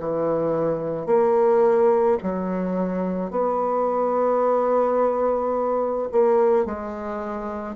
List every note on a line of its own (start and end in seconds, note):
0.00 1.07 E3
1.07 2.18 A#3
2.23 3.31 F#3
3.31 6.09 B3
6.12 6.66 A#3
6.66 7.76 G#3